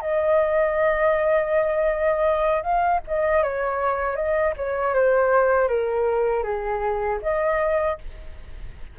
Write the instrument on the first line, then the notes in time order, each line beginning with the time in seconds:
flute
0.00 D#5
2.62 F5
3.07 D#5
3.42 C#5
4.16 D#5
4.56 C#5
4.94 C5
5.68 A#4
6.43 G#4
7.22 D#5